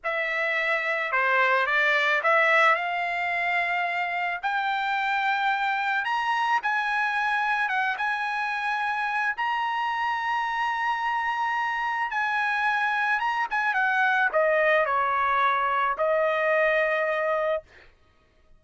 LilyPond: \new Staff \with { instrumentName = "trumpet" } { \time 4/4 \tempo 4 = 109 e''2 c''4 d''4 | e''4 f''2. | g''2. ais''4 | gis''2 fis''8 gis''4.~ |
gis''4 ais''2.~ | ais''2 gis''2 | ais''8 gis''8 fis''4 dis''4 cis''4~ | cis''4 dis''2. | }